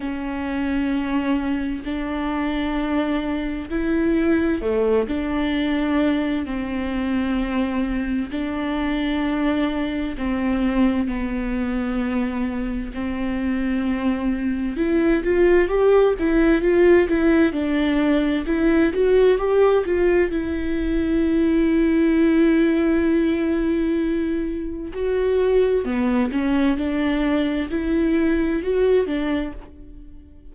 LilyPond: \new Staff \with { instrumentName = "viola" } { \time 4/4 \tempo 4 = 65 cis'2 d'2 | e'4 a8 d'4. c'4~ | c'4 d'2 c'4 | b2 c'2 |
e'8 f'8 g'8 e'8 f'8 e'8 d'4 | e'8 fis'8 g'8 f'8 e'2~ | e'2. fis'4 | b8 cis'8 d'4 e'4 fis'8 d'8 | }